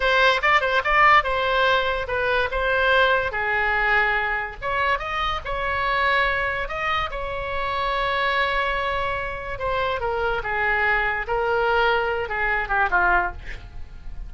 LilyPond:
\new Staff \with { instrumentName = "oboe" } { \time 4/4 \tempo 4 = 144 c''4 d''8 c''8 d''4 c''4~ | c''4 b'4 c''2 | gis'2. cis''4 | dis''4 cis''2. |
dis''4 cis''2.~ | cis''2. c''4 | ais'4 gis'2 ais'4~ | ais'4. gis'4 g'8 f'4 | }